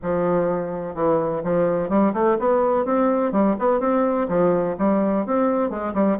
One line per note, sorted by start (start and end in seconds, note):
0.02 0.94 F3
0.94 1.42 E3
1.43 1.89 F3
1.89 2.13 G3
2.13 2.37 A3
2.39 2.85 B3
2.85 3.32 C4
3.32 3.55 G3
3.58 3.80 B3
3.80 4.27 C4
4.28 4.76 F3
4.78 5.26 G3
5.26 5.69 C4
5.69 5.93 G#3
5.94 6.17 G3